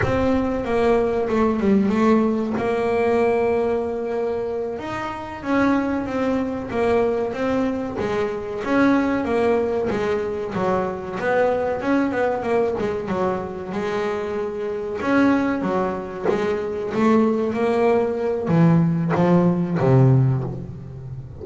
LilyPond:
\new Staff \with { instrumentName = "double bass" } { \time 4/4 \tempo 4 = 94 c'4 ais4 a8 g8 a4 | ais2.~ ais8 dis'8~ | dis'8 cis'4 c'4 ais4 c'8~ | c'8 gis4 cis'4 ais4 gis8~ |
gis8 fis4 b4 cis'8 b8 ais8 | gis8 fis4 gis2 cis'8~ | cis'8 fis4 gis4 a4 ais8~ | ais4 e4 f4 c4 | }